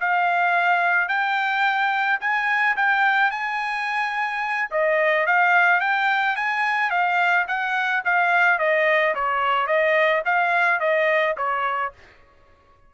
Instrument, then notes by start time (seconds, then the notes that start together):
trumpet
0.00 F5
1.09 G5
2.21 G#5
2.77 G5
3.31 G#5
4.71 D#5
5.27 F5
5.81 G5
6.36 G#5
6.91 F5
7.48 F#5
8.05 F5
8.59 D#5
9.15 C#5
9.67 D#5
10.26 F5
10.80 D#5
11.37 C#5